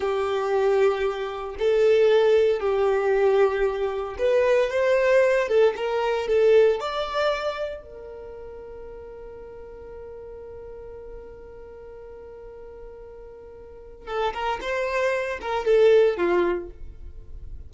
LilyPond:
\new Staff \with { instrumentName = "violin" } { \time 4/4 \tempo 4 = 115 g'2. a'4~ | a'4 g'2. | b'4 c''4. a'8 ais'4 | a'4 d''2 ais'4~ |
ais'1~ | ais'1~ | ais'2. a'8 ais'8 | c''4. ais'8 a'4 f'4 | }